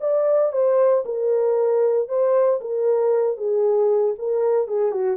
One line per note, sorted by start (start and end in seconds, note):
0.00 0.52 D5
0.52 1.03 C5
1.05 2.08 A#4
2.08 2.60 C5
2.61 3.37 A#4
3.37 4.14 G#4
4.18 4.67 A#4
4.67 4.91 G#4
4.91 5.17 F#4